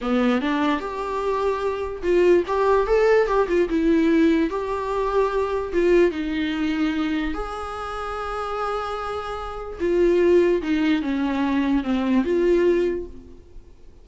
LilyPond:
\new Staff \with { instrumentName = "viola" } { \time 4/4 \tempo 4 = 147 b4 d'4 g'2~ | g'4 f'4 g'4 a'4 | g'8 f'8 e'2 g'4~ | g'2 f'4 dis'4~ |
dis'2 gis'2~ | gis'1 | f'2 dis'4 cis'4~ | cis'4 c'4 f'2 | }